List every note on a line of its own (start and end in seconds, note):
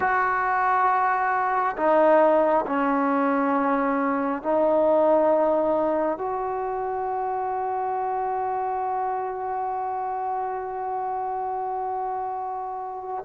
0.00 1.76 F#4
1.76 2.65 D#4
2.66 4.42 C#4
4.42 6.18 D#4
6.18 13.24 F#4